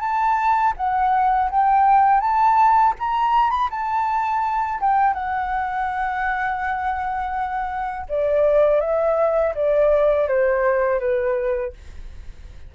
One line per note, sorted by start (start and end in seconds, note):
0.00 0.73 A5
0.77 1.50 F#5
1.50 2.21 G5
2.21 2.94 A5
2.99 3.51 A#5
3.51 3.69 B5
3.71 4.80 A5
4.81 5.14 G5
5.14 8.07 F#5
8.09 8.80 D5
8.80 9.54 E5
9.55 10.28 D5
10.28 11.00 C5
11.00 11.73 B4